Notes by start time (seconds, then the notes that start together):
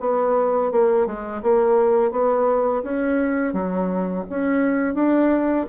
0.00 B3
0.71 A#3
1.06 G#3
1.43 A#3
2.11 B3
2.83 C#4
3.53 F#3
4.30 C#4
4.94 D4